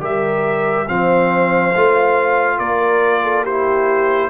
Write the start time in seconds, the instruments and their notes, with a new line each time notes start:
0.00 tuba G3, trombone G4, horn A#4, trumpet E5
0.87 tuba F3, trombone C4, horn C5, trumpet F5
1.74 tuba A3, trombone F4
2.57 tuba A#3, horn A#4, trumpet D5
3.22 horn A4
3.43 trombone E4, horn G4, trumpet C5